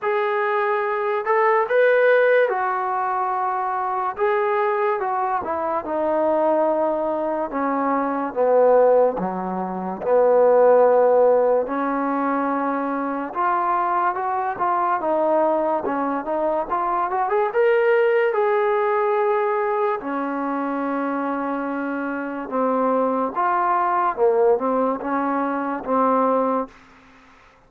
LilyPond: \new Staff \with { instrumentName = "trombone" } { \time 4/4 \tempo 4 = 72 gis'4. a'8 b'4 fis'4~ | fis'4 gis'4 fis'8 e'8 dis'4~ | dis'4 cis'4 b4 fis4 | b2 cis'2 |
f'4 fis'8 f'8 dis'4 cis'8 dis'8 | f'8 fis'16 gis'16 ais'4 gis'2 | cis'2. c'4 | f'4 ais8 c'8 cis'4 c'4 | }